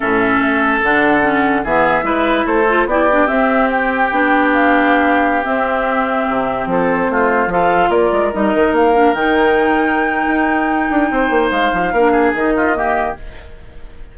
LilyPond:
<<
  \new Staff \with { instrumentName = "flute" } { \time 4/4 \tempo 4 = 146 e''2 fis''2 | e''2 c''4 d''4 | e''4 g''2 f''4~ | f''4~ f''16 e''2~ e''8.~ |
e''16 c''2 f''4 d''8.~ | d''16 dis''4 f''4 g''4.~ g''16~ | g''1 | f''2 dis''2 | }
  \new Staff \with { instrumentName = "oboe" } { \time 4/4 a'1 | gis'4 b'4 a'4 g'4~ | g'1~ | g'1~ |
g'16 a'4 f'4 a'4 ais'8.~ | ais'1~ | ais'2. c''4~ | c''4 ais'8 gis'4 f'8 g'4 | }
  \new Staff \with { instrumentName = "clarinet" } { \time 4/4 cis'2 d'4 cis'4 | b4 e'4. f'8 e'8 d'8 | c'2 d'2~ | d'4~ d'16 c'2~ c'8.~ |
c'2~ c'16 f'4.~ f'16~ | f'16 dis'4. d'8 dis'4.~ dis'16~ | dis'1~ | dis'4 d'4 dis'4 ais4 | }
  \new Staff \with { instrumentName = "bassoon" } { \time 4/4 a,4 a4 d2 | e4 gis4 a4 b4 | c'2 b2~ | b4~ b16 c'2 c8.~ |
c16 f4 a4 f4 ais8 gis16~ | gis16 g8 dis8 ais4 dis4.~ dis16~ | dis4 dis'4. d'8 c'8 ais8 | gis8 f8 ais4 dis2 | }
>>